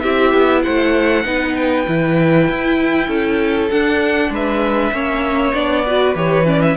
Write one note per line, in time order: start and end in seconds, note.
0.00 0.33 C4
0.00 1.24 E4
0.00 0.63 G4
0.00 0.61 E5
0.33 0.64 B3
0.63 1.24 A3
0.63 1.24 C5
0.63 1.55 F#5
1.24 1.86 B3
1.24 1.85 D#4
1.24 3.08 B4
1.56 3.70 G5
1.86 2.49 E3
1.86 3.70 E4
2.49 3.08 E4
3.08 3.69 C#4
3.08 4.30 A4
3.71 4.92 D4
3.71 4.30 D4
3.71 4.32 F#5
4.30 4.91 G#3
4.30 4.93 B4
4.30 5.54 E5
4.92 5.53 A#3
4.92 5.54 C#4
4.92 5.85 C#5
5.54 6.15 B3
5.54 5.85 D4
5.54 6.16 D5
5.85 6.16 F#4
5.85 6.77 B4
6.15 6.76 E3
6.15 6.45 G4
6.15 6.47 C#5
6.45 6.76 C#4
6.45 6.62 D5
6.62 6.77 E5